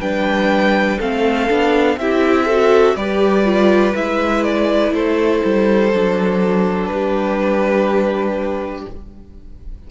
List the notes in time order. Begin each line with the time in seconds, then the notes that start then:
0.00 G3 D4 B4 G5
0.99 A3 C4 A4 F5
1.49 B3 D4
1.97 C4 E4 G4 E5
2.45 F#4 A4
2.95 G3 G4 B4 D5
3.44 F4
3.94 G#3 E4 E5
4.44 D5
4.92 A3 A4 C5
5.45 G3
5.93 F#3 D4
6.86 G3 B4
6.94 G4